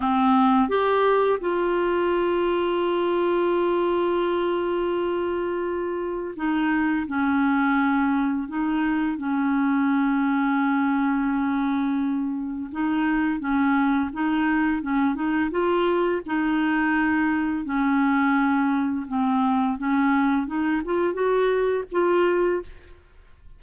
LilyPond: \new Staff \with { instrumentName = "clarinet" } { \time 4/4 \tempo 4 = 85 c'4 g'4 f'2~ | f'1~ | f'4 dis'4 cis'2 | dis'4 cis'2.~ |
cis'2 dis'4 cis'4 | dis'4 cis'8 dis'8 f'4 dis'4~ | dis'4 cis'2 c'4 | cis'4 dis'8 f'8 fis'4 f'4 | }